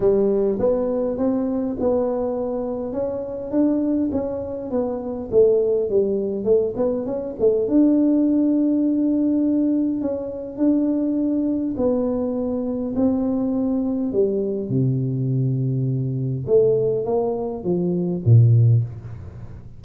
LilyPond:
\new Staff \with { instrumentName = "tuba" } { \time 4/4 \tempo 4 = 102 g4 b4 c'4 b4~ | b4 cis'4 d'4 cis'4 | b4 a4 g4 a8 b8 | cis'8 a8 d'2.~ |
d'4 cis'4 d'2 | b2 c'2 | g4 c2. | a4 ais4 f4 ais,4 | }